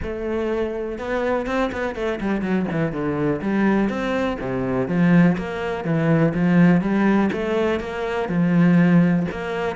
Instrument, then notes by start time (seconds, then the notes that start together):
cello
0.02 A3
0.98 B3
1.46 C4
1.72 B3
1.95 A3
2.20 G3
2.41 F#3
2.71 E3
2.92 D3
3.41 G3
3.89 C4
4.40 C3
4.88 F3
5.37 A#3
5.84 E3
6.34 F3
6.81 G3
7.32 A3
7.80 A#3
8.28 F3
9.31 A#3